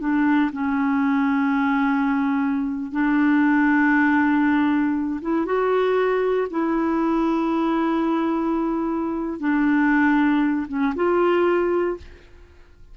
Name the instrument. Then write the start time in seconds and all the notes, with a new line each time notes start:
clarinet
0.00 D4
0.53 C#4
2.92 D4
5.22 E4
5.46 F#4
6.50 E4
9.40 D4
10.68 C#4
10.96 F4